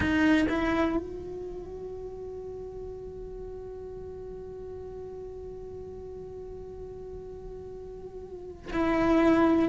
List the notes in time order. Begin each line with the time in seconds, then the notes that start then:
0.00 D#4
0.48 E4
0.97 F#4
8.72 E4